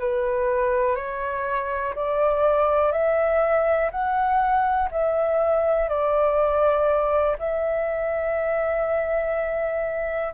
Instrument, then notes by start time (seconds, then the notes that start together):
flute
0.00 B4
0.96 C#5
1.95 D5
2.92 E5
3.91 F#5
4.91 E5
5.89 D5
7.39 E5